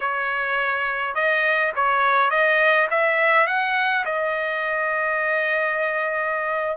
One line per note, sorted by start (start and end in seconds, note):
0.00 1.14 C#5
1.14 1.72 D#5
1.75 2.30 C#5
2.30 2.87 D#5
2.90 3.46 E5
3.46 4.04 F#5
4.05 6.77 D#5